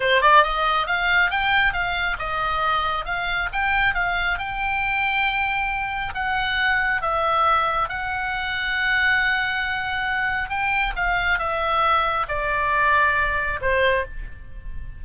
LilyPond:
\new Staff \with { instrumentName = "oboe" } { \time 4/4 \tempo 4 = 137 c''8 d''8 dis''4 f''4 g''4 | f''4 dis''2 f''4 | g''4 f''4 g''2~ | g''2 fis''2 |
e''2 fis''2~ | fis''1 | g''4 f''4 e''2 | d''2. c''4 | }